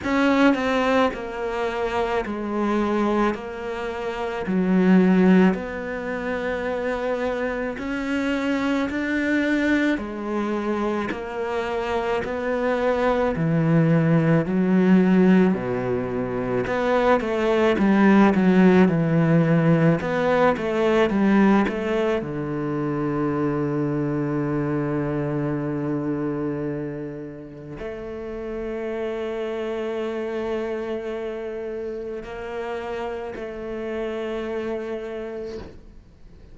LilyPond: \new Staff \with { instrumentName = "cello" } { \time 4/4 \tempo 4 = 54 cis'8 c'8 ais4 gis4 ais4 | fis4 b2 cis'4 | d'4 gis4 ais4 b4 | e4 fis4 b,4 b8 a8 |
g8 fis8 e4 b8 a8 g8 a8 | d1~ | d4 a2.~ | a4 ais4 a2 | }